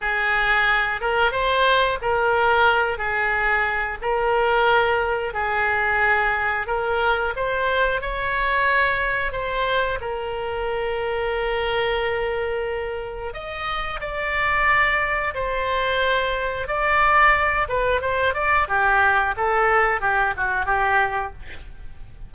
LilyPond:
\new Staff \with { instrumentName = "oboe" } { \time 4/4 \tempo 4 = 90 gis'4. ais'8 c''4 ais'4~ | ais'8 gis'4. ais'2 | gis'2 ais'4 c''4 | cis''2 c''4 ais'4~ |
ais'1 | dis''4 d''2 c''4~ | c''4 d''4. b'8 c''8 d''8 | g'4 a'4 g'8 fis'8 g'4 | }